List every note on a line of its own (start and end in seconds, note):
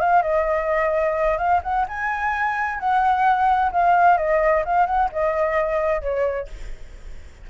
0.00 0.22 F5
0.22 1.38 D#5
1.38 1.61 F5
1.63 1.86 F#5
1.88 2.79 G#5
2.79 3.72 F#5
3.72 4.17 F5
4.17 4.64 D#5
4.65 4.86 F5
4.86 5.09 F#5
5.12 6.01 D#5
6.01 6.48 C#5